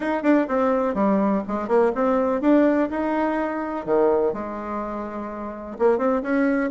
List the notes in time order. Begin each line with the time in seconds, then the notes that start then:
0.00 D#4
0.22 D4
0.47 C4
0.94 G3
1.47 G#3
1.68 A#3
1.94 C4
2.41 D4
2.90 D#4
3.85 D#3
4.33 G#3
5.78 A#3
5.98 C4
6.22 C#4